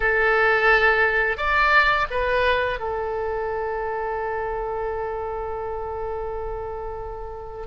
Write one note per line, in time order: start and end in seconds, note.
0.00 1.37 A4
1.37 2.06 D5
2.10 2.79 B4
2.79 7.66 A4